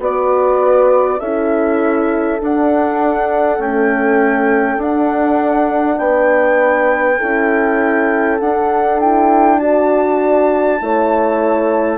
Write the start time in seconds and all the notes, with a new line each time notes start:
0.00 B3 F#4 B4 D5
1.19 C#4 E4 A4 E5
2.41 D4 F#5
3.59 A3 C#4 G5
4.78 D4 F#5
5.99 B3 B4 G5
7.18 C#4 E4 A4
8.40 D4 F#5
9.00 E4 G5
9.60 F#4 D5 A5
10.79 A3 E4 C#5